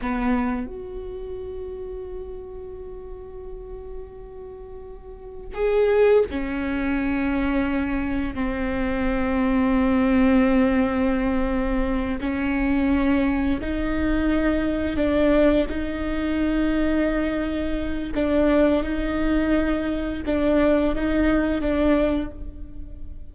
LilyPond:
\new Staff \with { instrumentName = "viola" } { \time 4/4 \tempo 4 = 86 b4 fis'2.~ | fis'1 | gis'4 cis'2. | c'1~ |
c'4. cis'2 dis'8~ | dis'4. d'4 dis'4.~ | dis'2 d'4 dis'4~ | dis'4 d'4 dis'4 d'4 | }